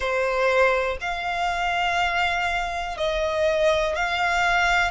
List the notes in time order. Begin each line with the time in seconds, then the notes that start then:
0.00 C5
1.01 F5
2.97 D#5
3.95 F5